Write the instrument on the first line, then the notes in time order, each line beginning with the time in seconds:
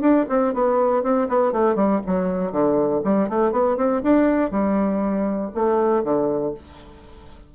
bassoon
0.00 D4
0.28 C4
0.53 B3
1.02 C4
1.28 B3
1.52 A3
1.75 G3
2.05 F#3
2.51 D3
3.04 G3
3.28 A3
3.52 B3
3.77 C4
4.03 D4
4.51 G3
5.54 A3
6.03 D3